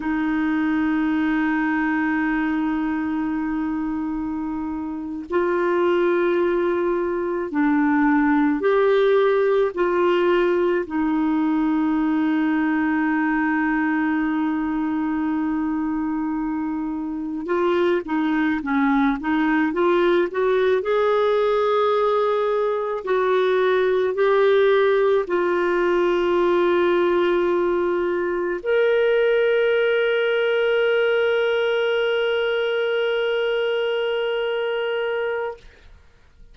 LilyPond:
\new Staff \with { instrumentName = "clarinet" } { \time 4/4 \tempo 4 = 54 dis'1~ | dis'8. f'2 d'4 g'16~ | g'8. f'4 dis'2~ dis'16~ | dis'2.~ dis'8. f'16~ |
f'16 dis'8 cis'8 dis'8 f'8 fis'8 gis'4~ gis'16~ | gis'8. fis'4 g'4 f'4~ f'16~ | f'4.~ f'16 ais'2~ ais'16~ | ais'1 | }